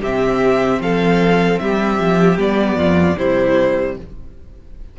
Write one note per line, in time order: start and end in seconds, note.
0.00 0.80 C3
0.00 2.38 C4
0.00 0.79 G4
0.00 0.81 E5
0.80 1.59 F3
0.80 1.61 A4
0.80 1.58 F5
1.58 1.99 G3
1.58 2.77 G4
1.58 2.37 E5
1.99 2.38 F3
2.38 2.75 G3
2.38 3.17 B3
2.38 3.18 D5
2.75 3.15 F2
2.75 3.17 F4
3.17 3.97 C3
3.17 3.99 G3
3.17 3.96 E4
3.17 3.97 C5